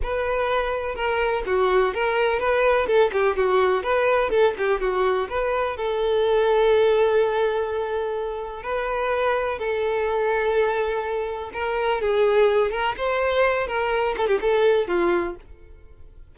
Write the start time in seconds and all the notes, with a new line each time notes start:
0.02 B4
0.95 A#4
1.46 F#4
1.93 A#4
2.39 B4
2.86 A4
3.12 G4
3.36 F#4
3.83 B4
4.30 A4
4.57 G4
4.80 F#4
5.29 B4
5.76 A4
8.62 B4
9.58 A4
11.53 A#4
12.01 G#4
12.71 A#4
12.97 C5
13.67 A#4
14.17 A4
14.27 G4
14.41 A4
14.87 F4